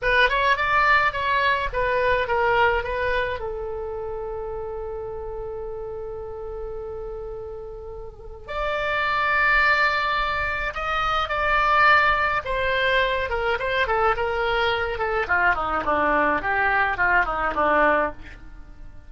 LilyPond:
\new Staff \with { instrumentName = "oboe" } { \time 4/4 \tempo 4 = 106 b'8 cis''8 d''4 cis''4 b'4 | ais'4 b'4 a'2~ | a'1~ | a'2. d''4~ |
d''2. dis''4 | d''2 c''4. ais'8 | c''8 a'8 ais'4. a'8 f'8 dis'8 | d'4 g'4 f'8 dis'8 d'4 | }